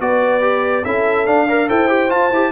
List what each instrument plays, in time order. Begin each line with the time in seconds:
0.00 tuba B3, trombone F#4, horn B4, trumpet D5
0.41 trombone G4
0.85 tuba C#4, trombone E4, horn A4, trumpet E5
1.26 trombone D4, tuba D4, trumpet F5
1.47 trombone A#4, horn D5
1.68 tuba E4, trombone A4, horn C5, trumpet G5
1.88 trombone G4
2.09 trombone F4, tuba F4, trumpet A5
2.31 tuba E4, trombone G4